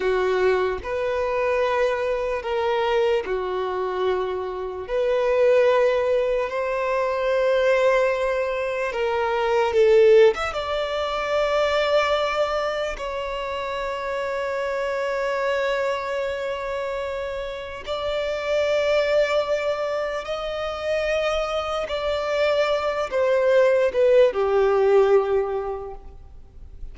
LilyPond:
\new Staff \with { instrumentName = "violin" } { \time 4/4 \tempo 4 = 74 fis'4 b'2 ais'4 | fis'2 b'2 | c''2. ais'4 | a'8. e''16 d''2. |
cis''1~ | cis''2 d''2~ | d''4 dis''2 d''4~ | d''8 c''4 b'8 g'2 | }